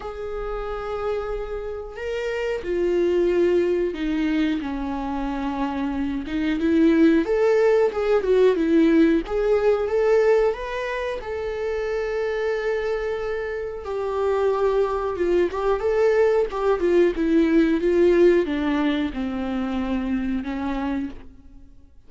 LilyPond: \new Staff \with { instrumentName = "viola" } { \time 4/4 \tempo 4 = 91 gis'2. ais'4 | f'2 dis'4 cis'4~ | cis'4. dis'8 e'4 a'4 | gis'8 fis'8 e'4 gis'4 a'4 |
b'4 a'2.~ | a'4 g'2 f'8 g'8 | a'4 g'8 f'8 e'4 f'4 | d'4 c'2 cis'4 | }